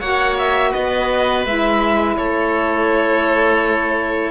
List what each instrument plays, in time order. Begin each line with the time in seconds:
0.00 cello A#3, saxophone F#4, oboe C#5, violin F#5
0.38 violin E5
0.71 cello B3, oboe B4, violin D#5
1.45 cello G#3, saxophone E4, violin E5
2.17 cello A3, oboe A4, violin C#5